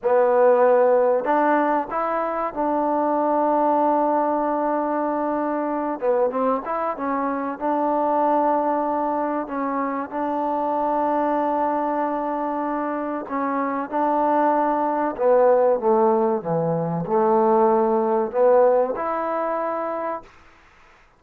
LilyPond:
\new Staff \with { instrumentName = "trombone" } { \time 4/4 \tempo 4 = 95 b2 d'4 e'4 | d'1~ | d'4. b8 c'8 e'8 cis'4 | d'2. cis'4 |
d'1~ | d'4 cis'4 d'2 | b4 a4 e4 a4~ | a4 b4 e'2 | }